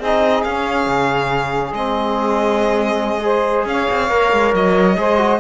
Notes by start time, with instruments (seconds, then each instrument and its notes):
0.00 cello C4, trombone D#4, saxophone G#4, violin D#5
0.44 cello C#4, trombone C#4, violin F5
0.87 cello C#3
1.72 cello G#3, trombone C4, violin D#5
3.22 trombone G#4, saxophone C5
3.66 cello C#4, saxophone C#5, violin F5
3.91 cello C4
4.09 cello A#3, trombone A#4
4.33 cello G#3
4.54 cello F#3, violin D#5
4.97 cello G#3, trombone G#4, saxophone C5
5.18 trombone F#4